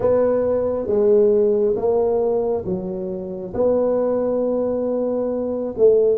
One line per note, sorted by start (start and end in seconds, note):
0.00 0.87 B3
0.87 1.75 G#3
1.76 2.64 A#3
2.65 3.53 F#3
3.53 5.74 B3
5.77 6.18 A3